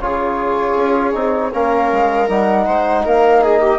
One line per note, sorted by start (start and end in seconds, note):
0.00 0.75 C#3
0.00 1.13 F4
0.00 1.53 G#4
0.00 1.52 C#5
0.75 1.13 C#4
1.13 1.52 C4
1.13 1.51 D#4
1.53 1.91 A#3
1.53 2.28 C#4
1.53 2.66 A#4
1.53 2.29 F5
1.92 2.29 G#3
2.28 2.67 G3
2.28 3.79 D#4
2.28 3.05 F#5
2.66 3.05 G#3
2.66 3.04 C5
3.04 3.79 A#3
3.04 3.41 A#4
3.04 3.43 F5
3.41 3.60 G#4
3.41 3.79 D#5
3.60 3.79 G4